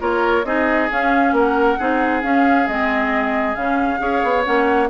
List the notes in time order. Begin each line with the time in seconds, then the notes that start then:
0.00 A#3 F4 A#4 C#5
0.44 C4 D#4 G#4 D#5
0.91 C#4 F5
1.32 A#3 A#4 F#5
1.79 C4 D#4 G#4
2.22 C#4 F5
2.67 G#3 C4 D#5
3.55 C#3 C#4 F5
3.99 C#4 G#4 C#5
4.24 B3
4.45 A#3 C#4 F#5